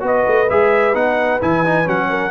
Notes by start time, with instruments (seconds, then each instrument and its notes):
0.00 tuba B3, trombone F#4, horn B4
0.06 trumpet D#5
0.27 tuba A3
0.49 tuba G#3, trombone G#4, trumpet E5
0.94 tuba B3, trombone D#4, trumpet F#5
1.41 tuba E3, trombone E4, trumpet G#5
1.64 trombone D#4
1.85 tuba F#3, trombone C#4, trumpet F#5
2.09 horn A#4